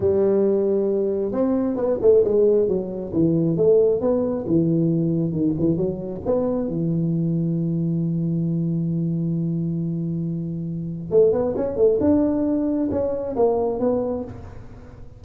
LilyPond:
\new Staff \with { instrumentName = "tuba" } { \time 4/4 \tempo 4 = 135 g2. c'4 | b8 a8 gis4 fis4 e4 | a4 b4 e2 | dis8 e8 fis4 b4 e4~ |
e1~ | e1~ | e4 a8 b8 cis'8 a8 d'4~ | d'4 cis'4 ais4 b4 | }